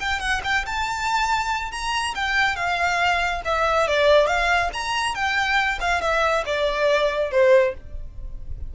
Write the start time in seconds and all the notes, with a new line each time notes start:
0.00 G5
0.20 F#5
0.44 G5
0.66 A5
1.72 A#5
2.15 G5
2.56 F5
3.45 E5
3.88 D5
4.27 F5
4.73 A#5
5.15 G5
5.81 F5
6.01 E5
6.46 D5
7.31 C5